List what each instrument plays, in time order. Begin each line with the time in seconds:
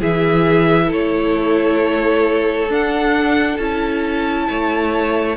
0.00 cello E3, viola E4, violin G#4 E5
0.87 cello A3, violin A4 C#5
2.69 viola D4, cello D4, violin F#5
3.57 cello C#4, viola E4, violin A5
4.49 cello A3, violin C#5